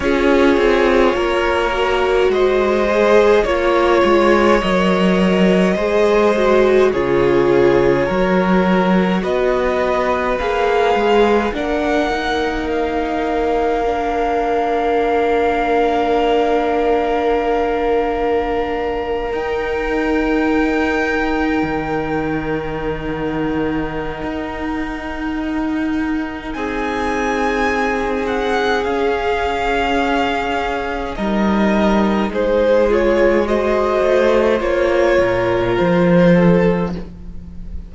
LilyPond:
<<
  \new Staff \with { instrumentName = "violin" } { \time 4/4 \tempo 4 = 52 cis''2 dis''4 cis''4 | dis''2 cis''2 | dis''4 f''4 fis''4 f''4~ | f''1~ |
f''8. g''2.~ g''16 | fis''2. gis''4~ | gis''8 fis''8 f''2 dis''4 | c''8 cis''8 dis''4 cis''4 c''4 | }
  \new Staff \with { instrumentName = "violin" } { \time 4/4 gis'4 ais'4 c''4 cis''4~ | cis''4 c''4 gis'4 ais'4 | b'2 ais'2~ | ais'1~ |
ais'1~ | ais'2. gis'4~ | gis'2. ais'4 | gis'4 c''4. ais'4 a'8 | }
  \new Staff \with { instrumentName = "viola" } { \time 4/4 f'4. fis'4 gis'8 f'4 | ais'4 gis'8 fis'8 f'4 fis'4~ | fis'4 gis'4 d'8 dis'4. | d'1~ |
d'8. dis'2.~ dis'16~ | dis'1~ | dis'4 cis'2 dis'4~ | dis'8 f'8 fis'4 f'2 | }
  \new Staff \with { instrumentName = "cello" } { \time 4/4 cis'8 c'8 ais4 gis4 ais8 gis8 | fis4 gis4 cis4 fis4 | b4 ais8 gis8 ais2~ | ais1~ |
ais8. dis'2 dis4~ dis16~ | dis4 dis'2 c'4~ | c'4 cis'2 g4 | gis4. a8 ais8 ais,8 f4 | }
>>